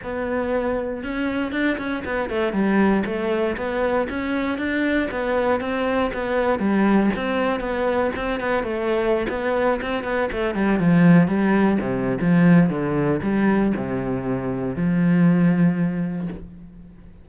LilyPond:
\new Staff \with { instrumentName = "cello" } { \time 4/4 \tempo 4 = 118 b2 cis'4 d'8 cis'8 | b8 a8 g4 a4 b4 | cis'4 d'4 b4 c'4 | b4 g4 c'4 b4 |
c'8 b8 a4~ a16 b4 c'8 b16~ | b16 a8 g8 f4 g4 c8. | f4 d4 g4 c4~ | c4 f2. | }